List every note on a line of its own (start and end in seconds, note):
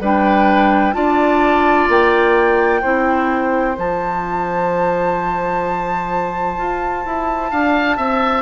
0.00 0.94 G3
0.00 0.93 D4
0.00 0.95 B4
0.00 0.94 G5
0.93 1.88 D4
0.93 2.80 F4
0.93 2.81 D5
0.93 1.87 A5
1.88 2.82 A#3
1.88 3.78 G5
2.81 3.77 C4
2.81 3.75 E4
2.81 7.50 C5
3.75 6.57 F3
3.75 8.42 F4
3.75 8.42 A5
6.57 7.04 F4
7.05 7.52 E4
7.50 7.97 D4
7.50 7.96 F5
7.96 8.42 C4
7.96 8.42 E5